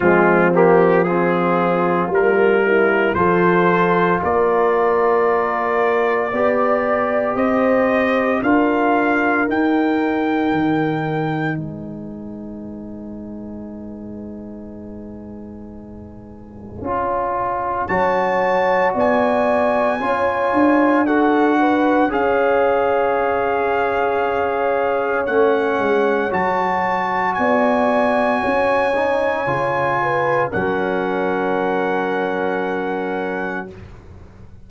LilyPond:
<<
  \new Staff \with { instrumentName = "trumpet" } { \time 4/4 \tempo 4 = 57 f'8 g'8 gis'4 ais'4 c''4 | d''2. dis''4 | f''4 g''2 gis''4~ | gis''1~ |
gis''4 a''4 gis''2 | fis''4 f''2. | fis''4 a''4 gis''2~ | gis''4 fis''2. | }
  \new Staff \with { instrumentName = "horn" } { \time 4/4 c'4 f'4. e'8 a'4 | ais'2 d''4 c''4 | ais'2. b'4~ | b'1~ |
b'4 cis''4 d''4 cis''4 | a'8 b'8 cis''2.~ | cis''2 d''4 cis''4~ | cis''8 b'8 ais'2. | }
  \new Staff \with { instrumentName = "trombone" } { \time 4/4 gis8 ais8 c'4 ais4 f'4~ | f'2 g'2 | f'4 dis'2.~ | dis'1 |
f'4 fis'2 f'4 | fis'4 gis'2. | cis'4 fis'2~ fis'8 dis'8 | f'4 cis'2. | }
  \new Staff \with { instrumentName = "tuba" } { \time 4/4 f2 g4 f4 | ais2 b4 c'4 | d'4 dis'4 dis4 gis4~ | gis1 |
cis'4 fis4 b4 cis'8 d'8~ | d'4 cis'2. | a8 gis8 fis4 b4 cis'4 | cis4 fis2. | }
>>